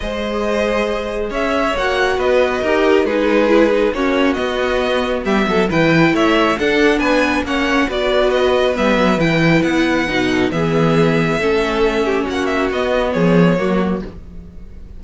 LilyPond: <<
  \new Staff \with { instrumentName = "violin" } { \time 4/4 \tempo 4 = 137 dis''2. e''4 | fis''4 dis''2 b'4~ | b'4 cis''4 dis''2 | e''4 g''4 e''4 fis''4 |
gis''4 fis''4 d''4 dis''4 | e''4 g''4 fis''2 | e''1 | fis''8 e''8 dis''4 cis''2 | }
  \new Staff \with { instrumentName = "violin" } { \time 4/4 c''2. cis''4~ | cis''4 b'4 ais'4 gis'4~ | gis'4 fis'2. | g'8 a'8 b'4 cis''4 a'4 |
b'4 cis''4 b'2~ | b'2.~ b'8 a'8 | gis'2 a'4. g'8 | fis'2 gis'4 fis'4 | }
  \new Staff \with { instrumentName = "viola" } { \time 4/4 gis'1 | fis'2 g'4 dis'4 | e'8 dis'8 cis'4 b2~ | b4 e'2 d'4~ |
d'4 cis'4 fis'2 | b4 e'2 dis'4 | b2 cis'2~ | cis'4 b2 ais4 | }
  \new Staff \with { instrumentName = "cello" } { \time 4/4 gis2. cis'4 | ais4 b4 dis'4 gis4~ | gis4 ais4 b2 | g8 fis8 e4 a4 d'4 |
b4 ais4 b2 | g8 fis8 e4 b4 b,4 | e2 a2 | ais4 b4 f4 fis4 | }
>>